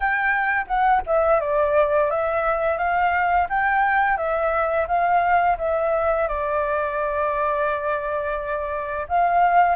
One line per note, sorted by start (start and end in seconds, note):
0.00 0.65 G5
0.67 1.02 F#5
1.06 1.40 E5
1.40 2.10 D5
2.10 2.77 E5
2.77 3.47 F5
3.49 4.17 G5
4.17 4.86 E5
4.87 5.57 F5
5.58 6.28 E5
6.28 9.07 D5
9.08 9.75 F5